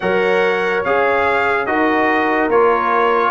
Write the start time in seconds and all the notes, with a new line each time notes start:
0.00 F#3 A#4 C#5 F#5
0.84 C#4 G#4 F5
1.66 D#4 F#4 A#4 D#5
2.48 A#3 F4 C#5